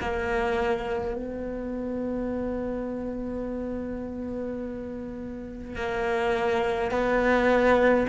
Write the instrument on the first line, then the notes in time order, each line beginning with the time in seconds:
cello
0.00 A#3
1.14 B3
5.75 A#3
6.91 B3